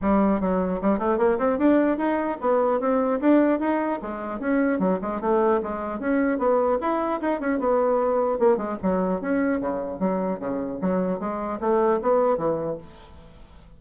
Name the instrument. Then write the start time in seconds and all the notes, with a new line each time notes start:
bassoon
0.01 G3
0.40 F#3
0.81 G3
0.98 A3
1.17 A#3
1.38 C4
1.58 D4
1.97 D#4
2.40 B3
2.80 C4
3.20 D4
3.59 D#4
4.02 G#3
4.39 C#4
4.79 F#3
5.01 G#3
5.21 A3
5.63 G#3
5.99 C#4
6.38 B3
6.80 E4
7.21 D#4
7.40 C#4
7.59 B3
8.39 A#3
8.57 G#3
8.82 F#3
9.21 C#4
9.60 C#3
9.99 F#3
10.39 C#3
10.81 F#3
11.19 G#3
11.60 A3
12.01 B3
12.37 E3